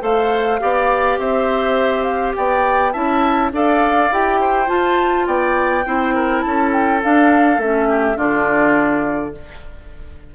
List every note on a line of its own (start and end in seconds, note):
0.00 0.60 A3
0.00 0.58 A4
0.00 0.60 C5
0.00 1.19 F5
0.59 1.18 B3
0.59 2.92 G4
0.59 1.20 D5
1.18 2.34 C4
1.18 2.36 C5
1.18 2.03 E5
2.03 2.32 F5
2.36 2.95 B3
2.36 2.93 D5
2.36 2.92 G5
2.92 3.52 C#4
2.92 3.52 E4
2.92 3.51 E5
2.92 3.50 A5
3.52 4.10 D4
3.52 4.11 A4
3.52 4.40 D5
3.52 4.13 F5
4.11 4.69 E4
4.11 4.66 G4
4.11 4.68 G5
4.40 5.27 C5
4.66 5.82 F4
4.66 5.27 F4
4.66 5.27 A5
5.27 5.85 B3
5.27 5.85 D5
5.27 6.41 G5
5.86 6.44 C4
5.86 7.01 E4
5.86 6.14 C5
6.14 6.43 A#4
6.41 7.03 C#4
6.41 7.89 A4
6.41 6.70 A5
6.72 7.02 G5
7.01 7.60 D4
7.01 7.57 D4
7.01 7.60 F5
7.57 8.16 A3
7.57 8.16 C#4
7.57 8.18 E5
7.89 8.17 G4
8.16 9.35 D3
8.16 9.32 D4
8.16 9.33 F4
8.16 9.34 D5